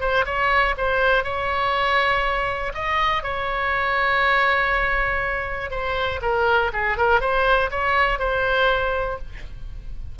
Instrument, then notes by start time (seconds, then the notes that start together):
oboe
0.00 C5
0.25 C#5
0.77 C5
1.23 C#5
2.74 D#5
3.23 C#5
5.70 C5
6.21 A#4
6.73 G#4
6.97 A#4
7.20 C5
7.70 C#5
8.19 C5